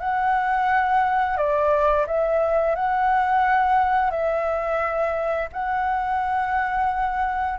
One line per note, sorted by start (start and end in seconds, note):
0.00 1.37 F#5
1.37 2.06 D5
2.07 2.76 E5
2.76 4.11 F#5
4.11 5.49 E5
5.53 7.59 F#5